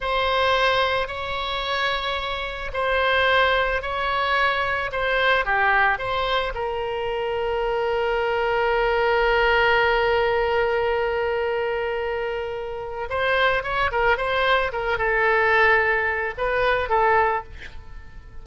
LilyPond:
\new Staff \with { instrumentName = "oboe" } { \time 4/4 \tempo 4 = 110 c''2 cis''2~ | cis''4 c''2 cis''4~ | cis''4 c''4 g'4 c''4 | ais'1~ |
ais'1~ | ais'1 | c''4 cis''8 ais'8 c''4 ais'8 a'8~ | a'2 b'4 a'4 | }